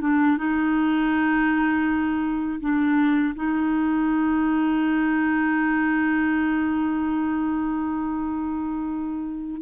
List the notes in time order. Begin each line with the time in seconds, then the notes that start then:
0.00 D4
0.37 D#4
2.60 D4
3.34 D#4